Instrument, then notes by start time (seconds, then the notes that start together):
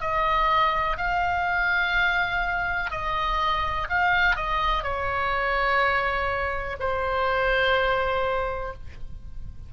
oboe
0.00 D#5
0.97 F5
2.90 D#5
3.89 F5
4.36 D#5
4.83 C#5
6.80 C5